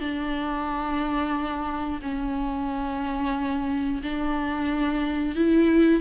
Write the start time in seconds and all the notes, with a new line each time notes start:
0.00 D4
2.02 C#4
4.03 D4
5.36 E4